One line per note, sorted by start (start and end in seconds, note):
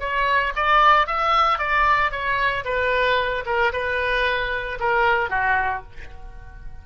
0.00 0.53 C#5
0.56 1.07 D5
1.07 1.59 E5
1.59 2.11 D5
2.11 2.65 C#5
2.65 3.44 B4
3.46 3.72 A#4
3.73 4.79 B4
4.80 5.30 A#4
5.30 5.83 F#4